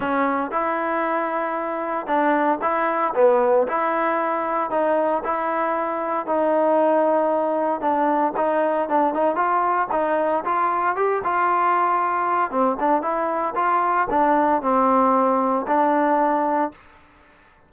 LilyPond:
\new Staff \with { instrumentName = "trombone" } { \time 4/4 \tempo 4 = 115 cis'4 e'2. | d'4 e'4 b4 e'4~ | e'4 dis'4 e'2 | dis'2. d'4 |
dis'4 d'8 dis'8 f'4 dis'4 | f'4 g'8 f'2~ f'8 | c'8 d'8 e'4 f'4 d'4 | c'2 d'2 | }